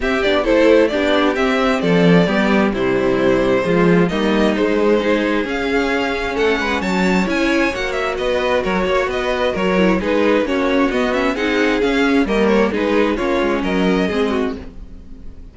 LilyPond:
<<
  \new Staff \with { instrumentName = "violin" } { \time 4/4 \tempo 4 = 132 e''8 d''8 c''4 d''4 e''4 | d''2 c''2~ | c''4 dis''4 c''2 | f''2 fis''4 a''4 |
gis''4 fis''8 e''8 dis''4 cis''4 | dis''4 cis''4 b'4 cis''4 | dis''8 e''8 fis''4 f''4 dis''8 cis''8 | b'4 cis''4 dis''2 | }
  \new Staff \with { instrumentName = "violin" } { \time 4/4 g'4 a'4 g'2 | a'4 g'4 e'2 | f'4 dis'2 gis'4~ | gis'2 a'8 b'8 cis''4~ |
cis''2 b'4 ais'8 cis''8 | b'4 ais'4 gis'4 fis'4~ | fis'4 gis'2 ais'4 | gis'4 f'4 ais'4 gis'8 fis'8 | }
  \new Staff \with { instrumentName = "viola" } { \time 4/4 c'8 d'8 e'4 d'4 c'4~ | c'4 b4 g2 | gis4 ais4 gis4 dis'4 | cis'1 |
e'4 fis'2.~ | fis'4. e'8 dis'4 cis'4 | b8 cis'8 dis'4 cis'4 ais4 | dis'4 cis'2 c'4 | }
  \new Staff \with { instrumentName = "cello" } { \time 4/4 c'8 b8 a4 b4 c'4 | f4 g4 c2 | f4 g4 gis2 | cis'2 a8 gis8 fis4 |
cis'4 ais4 b4 fis8 ais8 | b4 fis4 gis4 ais4 | b4 c'4 cis'4 g4 | gis4 ais8 gis8 fis4 gis4 | }
>>